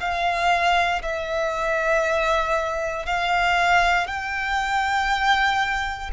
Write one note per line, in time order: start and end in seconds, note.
0.00 1.02 F5
1.03 3.06 E5
3.06 4.07 F5
4.07 6.11 G5